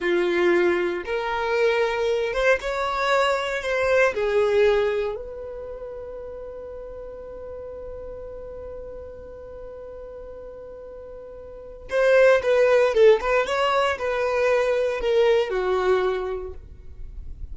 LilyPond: \new Staff \with { instrumentName = "violin" } { \time 4/4 \tempo 4 = 116 f'2 ais'2~ | ais'8 c''8 cis''2 c''4 | gis'2 b'2~ | b'1~ |
b'1~ | b'2. c''4 | b'4 a'8 b'8 cis''4 b'4~ | b'4 ais'4 fis'2 | }